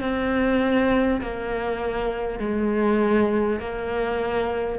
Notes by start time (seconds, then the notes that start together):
0.00 C4
1.21 A#3
2.39 G#3
3.59 A#3